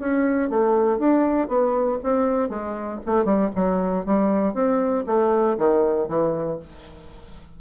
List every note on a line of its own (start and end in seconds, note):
0.00 0.50 C#4
0.50 0.99 A3
0.99 1.48 D4
1.48 1.99 B3
2.03 2.49 C4
2.49 3.00 G#3
3.06 3.25 A3
3.25 3.50 G3
3.55 4.06 F#3
4.06 4.54 G3
4.54 5.05 C4
5.07 5.57 A3
5.58 6.09 D#3
6.09 6.60 E3